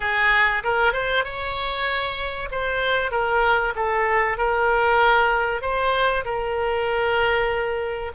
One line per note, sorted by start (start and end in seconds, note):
0.00 0.62 G#4
0.63 0.93 A#4
0.93 1.24 C5
1.24 2.49 C#5
2.51 3.11 C5
3.11 3.73 A#4
3.75 4.37 A4
4.37 5.61 A#4
5.61 6.24 C5
6.24 8.12 A#4